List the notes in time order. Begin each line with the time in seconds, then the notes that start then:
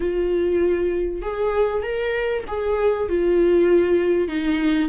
0.00 F4
1.21 G#4
1.82 A#4
2.47 G#4
3.08 F4
4.27 D#4